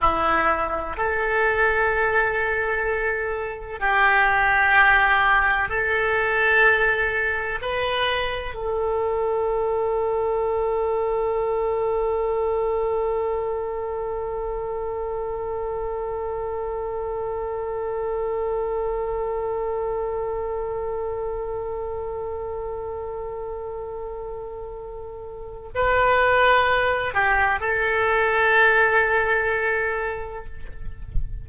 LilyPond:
\new Staff \with { instrumentName = "oboe" } { \time 4/4 \tempo 4 = 63 e'4 a'2. | g'2 a'2 | b'4 a'2.~ | a'1~ |
a'1~ | a'1~ | a'2. b'4~ | b'8 g'8 a'2. | }